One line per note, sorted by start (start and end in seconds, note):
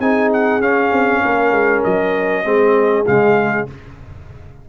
0.00 0.61 C4
0.00 0.62 D#4
0.00 1.22 G#4
0.00 0.31 G#5
0.33 0.62 F#5
0.61 0.92 C#4
0.61 2.45 C#4
0.61 1.84 F5
0.92 1.23 C4
1.22 1.52 A#3
1.22 2.44 A#4
1.52 1.82 G#3
1.84 2.45 F#3
1.84 3.07 D#5
2.45 3.06 G#3
2.45 3.06 C4
2.45 3.70 G#4
3.07 3.70 C#3
3.07 3.68 G#3
3.07 3.68 F5